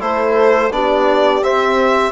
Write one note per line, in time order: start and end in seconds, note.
0.00 0.71 A3
0.00 0.71 E4
0.00 0.71 A4
0.00 0.72 C5
0.71 1.41 B3
0.71 1.42 D4
0.71 2.12 G4
0.71 1.44 D5
1.42 2.12 C4
1.42 2.12 E5